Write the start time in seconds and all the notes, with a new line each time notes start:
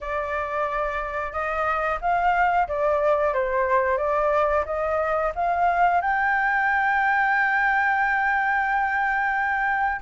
0.00 D5
1.32 D#5
2.01 F5
2.68 D5
3.33 C5
3.97 D5
4.65 D#5
5.35 F5
6.01 G5